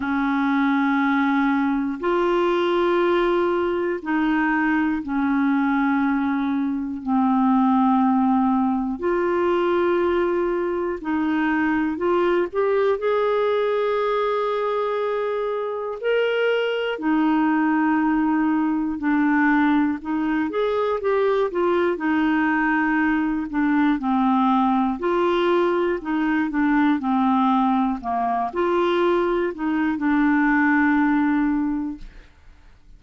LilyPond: \new Staff \with { instrumentName = "clarinet" } { \time 4/4 \tempo 4 = 60 cis'2 f'2 | dis'4 cis'2 c'4~ | c'4 f'2 dis'4 | f'8 g'8 gis'2. |
ais'4 dis'2 d'4 | dis'8 gis'8 g'8 f'8 dis'4. d'8 | c'4 f'4 dis'8 d'8 c'4 | ais8 f'4 dis'8 d'2 | }